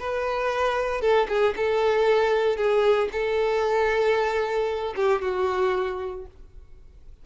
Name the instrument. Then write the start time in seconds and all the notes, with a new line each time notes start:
violin
0.00 B4
1.02 A4
1.29 G#4
1.57 A4
2.57 G#4
3.12 A4
4.97 G4
5.22 F#4